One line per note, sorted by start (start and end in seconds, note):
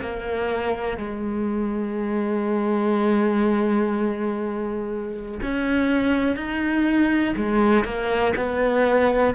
0.00 0.97 A#3
0.97 5.40 G#3
5.42 6.36 C#4
6.36 7.34 D#4
7.36 7.84 G#3
7.84 8.33 A#3
8.36 9.34 B3